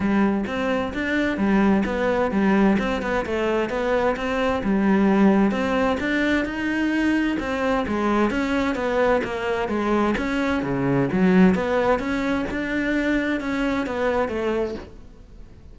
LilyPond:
\new Staff \with { instrumentName = "cello" } { \time 4/4 \tempo 4 = 130 g4 c'4 d'4 g4 | b4 g4 c'8 b8 a4 | b4 c'4 g2 | c'4 d'4 dis'2 |
c'4 gis4 cis'4 b4 | ais4 gis4 cis'4 cis4 | fis4 b4 cis'4 d'4~ | d'4 cis'4 b4 a4 | }